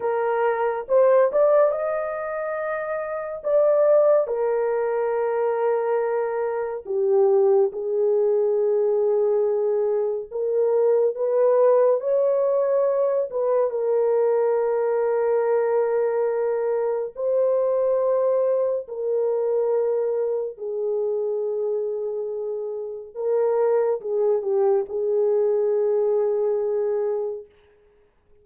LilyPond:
\new Staff \with { instrumentName = "horn" } { \time 4/4 \tempo 4 = 70 ais'4 c''8 d''8 dis''2 | d''4 ais'2. | g'4 gis'2. | ais'4 b'4 cis''4. b'8 |
ais'1 | c''2 ais'2 | gis'2. ais'4 | gis'8 g'8 gis'2. | }